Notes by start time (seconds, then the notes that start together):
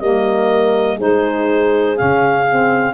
0.00 G3 A#3 A#4 D#5
0.97 G#3 D#4 G#4 C5
1.96 C#3 C#4 F5
2.49 C4